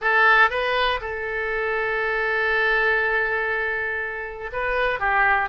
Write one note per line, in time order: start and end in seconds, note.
0.01 0.50 A4
0.50 1.00 B4
1.00 4.50 A4
4.52 4.99 B4
4.99 5.49 G4